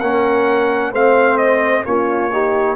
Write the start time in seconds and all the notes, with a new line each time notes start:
0.00 A#3 C#4 A#4 F#5
0.91 A3 C4 C5 F5
1.37 D#5
1.85 A#3 C#4 F4 C#5
2.32 D#4 G4